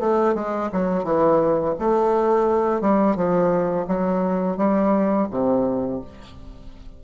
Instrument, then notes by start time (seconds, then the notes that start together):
bassoon
0.00 A3
0.35 G#3
0.73 F#3
1.04 E3
1.79 A3
2.81 G3
3.16 F3
3.87 F#3
4.57 G3
5.31 C3